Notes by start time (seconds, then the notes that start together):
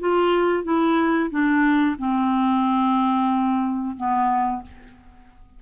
0.00 F4
0.64 E4
1.31 D4
1.99 C4
3.97 B3